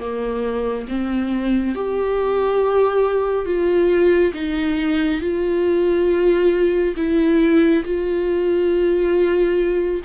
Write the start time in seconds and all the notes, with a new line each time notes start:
0.00 A#3
0.89 C4
1.75 G4
3.45 F4
4.34 D#4
5.21 F4
6.96 E4
7.85 F4